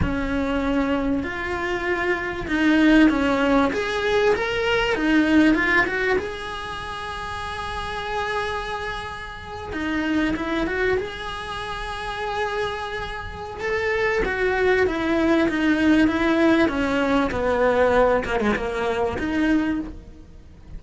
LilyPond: \new Staff \with { instrumentName = "cello" } { \time 4/4 \tempo 4 = 97 cis'2 f'2 | dis'4 cis'4 gis'4 ais'4 | dis'4 f'8 fis'8 gis'2~ | gis'2.~ gis'8. dis'16~ |
dis'8. e'8 fis'8 gis'2~ gis'16~ | gis'2 a'4 fis'4 | e'4 dis'4 e'4 cis'4 | b4. ais16 gis16 ais4 dis'4 | }